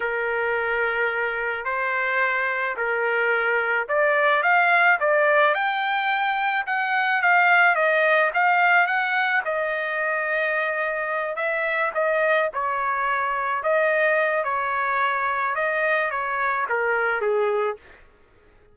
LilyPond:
\new Staff \with { instrumentName = "trumpet" } { \time 4/4 \tempo 4 = 108 ais'2. c''4~ | c''4 ais'2 d''4 | f''4 d''4 g''2 | fis''4 f''4 dis''4 f''4 |
fis''4 dis''2.~ | dis''8 e''4 dis''4 cis''4.~ | cis''8 dis''4. cis''2 | dis''4 cis''4 ais'4 gis'4 | }